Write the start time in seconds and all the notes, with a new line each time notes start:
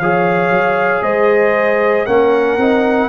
0.00 F3 G#4 C#5 F5
0.50 F#3
1.03 G#3 C5 D#5
2.06 A#3 C#4 A#4 F#5
2.58 C4 D#4